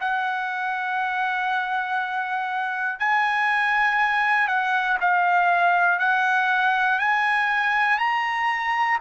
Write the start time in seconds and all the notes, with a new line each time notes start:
0.00 F#5
2.99 G#5
4.48 F#5
5.00 F5
5.99 F#5
6.99 G#5
7.99 A#5